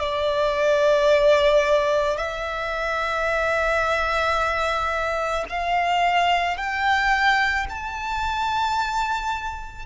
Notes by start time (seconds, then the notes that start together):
0.00 D5
2.18 E5
5.49 F5
6.57 G5
7.70 A5